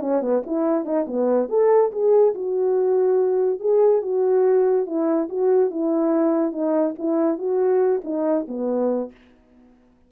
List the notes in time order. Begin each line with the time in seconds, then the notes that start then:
0.00 C#4
0.22 B3
0.46 E4
0.85 D#4
1.07 B3
1.49 A4
1.92 G#4
2.35 F#4
3.60 G#4
4.02 F#4
4.86 E4
5.29 F#4
5.71 E4
6.52 D#4
6.99 E4
7.38 F#4
8.04 D#4
8.48 B3